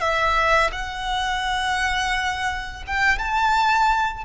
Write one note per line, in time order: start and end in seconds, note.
0.00 0.71 E5
0.72 2.84 F#5
2.87 3.19 G5
3.19 4.24 A5